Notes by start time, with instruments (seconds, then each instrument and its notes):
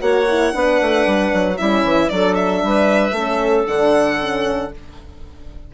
0.00 bassoon A#3, horn F#4, clarinet C#5, violin F#5
0.28 horn E4
0.52 bassoon B3, horn D4, clarinet B4
0.81 bassoon A3
1.06 bassoon G3
1.33 bassoon F#3
1.57 bassoon G3, horn C#4, clarinet E4, violin E5
1.83 bassoon E3
2.09 bassoon F#3, horn D4, clarinet A4, violin D5
2.34 violin E5
2.62 bassoon G3, clarinet B4
3.11 bassoon A3, horn C#4, clarinet A4
3.66 bassoon D3, horn D4, violin F#5
4.20 horn C#4